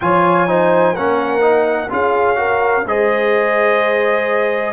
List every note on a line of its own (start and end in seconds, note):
0.00 0.95 F3
0.00 0.47 F4
0.00 0.48 C#5
0.00 0.95 G#5
0.47 0.95 D#4
0.47 0.93 C5
0.93 1.90 A#3
0.93 1.40 C#4
0.93 1.88 A#4
0.93 1.90 F#5
1.40 1.88 D#4
1.89 2.85 C#4
1.89 2.35 F4
1.89 2.37 G#4
1.89 2.87 F5
2.35 2.83 F#4
2.35 2.85 A#4
2.85 4.73 G#3
2.85 4.73 G#4
2.85 4.73 C5
2.85 4.73 D#5